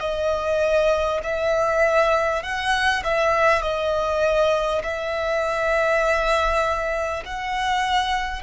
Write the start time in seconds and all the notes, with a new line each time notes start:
0.00 D#5
1.24 E5
2.43 F#5
3.04 E5
3.63 D#5
4.84 E5
7.25 F#5